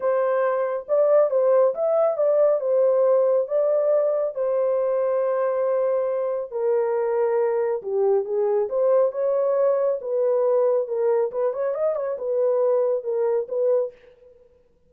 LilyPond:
\new Staff \with { instrumentName = "horn" } { \time 4/4 \tempo 4 = 138 c''2 d''4 c''4 | e''4 d''4 c''2 | d''2 c''2~ | c''2. ais'4~ |
ais'2 g'4 gis'4 | c''4 cis''2 b'4~ | b'4 ais'4 b'8 cis''8 dis''8 cis''8 | b'2 ais'4 b'4 | }